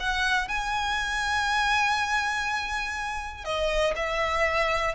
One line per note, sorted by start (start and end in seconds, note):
0.00 0.48 F#5
0.48 3.45 G#5
3.45 3.94 D#5
3.96 4.95 E5